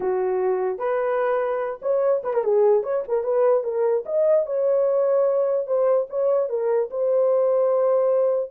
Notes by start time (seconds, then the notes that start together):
0.00 F#4
0.78 B4
1.82 C#5
2.23 B4
2.33 A#4
2.44 G#4
2.83 C#5
3.08 A#4
3.23 B4
3.63 A#4
4.05 D#5
4.46 C#5
5.66 C5
6.09 C#5
6.49 A#4
6.90 C5